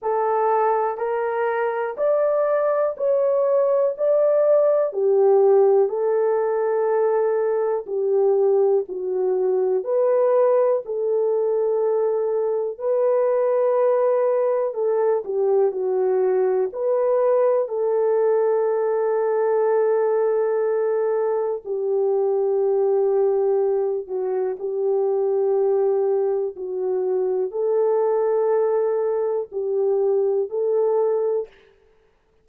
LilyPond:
\new Staff \with { instrumentName = "horn" } { \time 4/4 \tempo 4 = 61 a'4 ais'4 d''4 cis''4 | d''4 g'4 a'2 | g'4 fis'4 b'4 a'4~ | a'4 b'2 a'8 g'8 |
fis'4 b'4 a'2~ | a'2 g'2~ | g'8 fis'8 g'2 fis'4 | a'2 g'4 a'4 | }